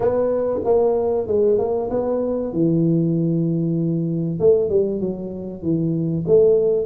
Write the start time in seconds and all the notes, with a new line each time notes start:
0.00 B3
0.64 A#3
1.27 G#3
1.58 A#3
1.90 B3
2.53 E3
4.39 A3
4.69 G3
5.00 F#3
5.62 E3
6.27 A3